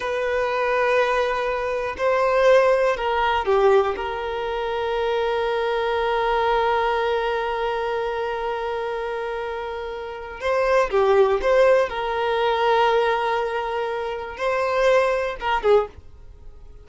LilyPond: \new Staff \with { instrumentName = "violin" } { \time 4/4 \tempo 4 = 121 b'1 | c''2 ais'4 g'4 | ais'1~ | ais'1~ |
ais'1~ | ais'4 c''4 g'4 c''4 | ais'1~ | ais'4 c''2 ais'8 gis'8 | }